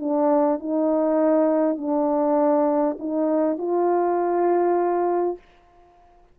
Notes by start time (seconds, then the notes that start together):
0.00 D4
0.60 D#4
1.78 D4
3.00 D#4
3.59 F4